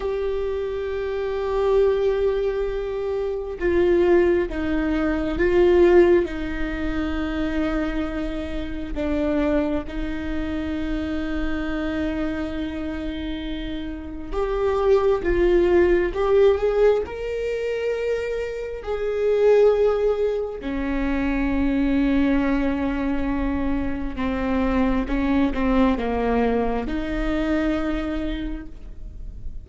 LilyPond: \new Staff \with { instrumentName = "viola" } { \time 4/4 \tempo 4 = 67 g'1 | f'4 dis'4 f'4 dis'4~ | dis'2 d'4 dis'4~ | dis'1 |
g'4 f'4 g'8 gis'8 ais'4~ | ais'4 gis'2 cis'4~ | cis'2. c'4 | cis'8 c'8 ais4 dis'2 | }